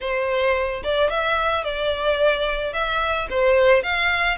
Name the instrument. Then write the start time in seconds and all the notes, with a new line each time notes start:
violin
0.00 C5
0.83 D5
1.10 E5
1.64 D5
2.73 E5
3.30 C5
3.83 F5